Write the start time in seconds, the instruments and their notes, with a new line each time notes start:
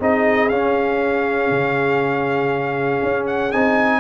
0.00 tuba C4, trombone D#4, horn G#4, trumpet D#5
0.49 tuba C#4, trombone C#4, trumpet F5
1.51 tuba C#3
3.03 tuba C#4
3.27 trumpet F#5
3.52 tuba C4, trombone D#4, trumpet G#5